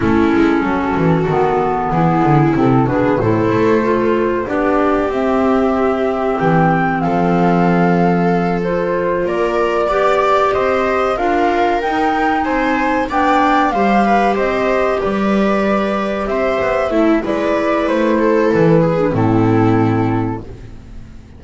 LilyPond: <<
  \new Staff \with { instrumentName = "flute" } { \time 4/4 \tempo 4 = 94 a'2. gis'4 | a'8 b'8 c''2 d''4 | e''2 g''4 f''4~ | f''4. c''4 d''4.~ |
d''8 dis''4 f''4 g''4 gis''8~ | gis''8 g''4 f''4 dis''4 d''8~ | d''4. e''4. d''4 | c''4 b'4 a'2 | }
  \new Staff \with { instrumentName = "viola" } { \time 4/4 e'4 fis'2 e'4~ | e'8 gis'8 a'2 g'4~ | g'2. a'4~ | a'2~ a'8 ais'4 d''8~ |
d''8 c''4 ais'2 c''8~ | c''8 d''4 c''8 b'8 c''4 b'8~ | b'4. c''4 e'8 b'4~ | b'8 a'4 gis'8 e'2 | }
  \new Staff \with { instrumentName = "clarinet" } { \time 4/4 cis'2 b2 | c'8 d'8 e'4 f'4 d'4 | c'1~ | c'4. f'2 g'8~ |
g'4. f'4 dis'4.~ | dis'8 d'4 g'2~ g'8~ | g'2~ g'8 a'8 e'4~ | e'4.~ e'16 d'16 c'2 | }
  \new Staff \with { instrumentName = "double bass" } { \time 4/4 a8 gis8 fis8 e8 dis4 e8 d8 | c8 b,8 a,8 a4. b4 | c'2 e4 f4~ | f2~ f8 ais4 b8~ |
b8 c'4 d'4 dis'4 c'8~ | c'8 b4 g4 c'4 g8~ | g4. c'8 b8 a8 gis4 | a4 e4 a,2 | }
>>